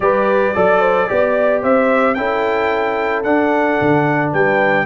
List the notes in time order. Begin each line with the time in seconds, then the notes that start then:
0.00 G3 G4 B4 D5
0.54 F#3 A4 D5
0.80 C5
1.08 B3 G4 D5
1.61 C4 C5 E5
2.14 C#4 E4 A4 G5
3.23 D4 F#5
3.81 D3
4.32 G3 B4 G5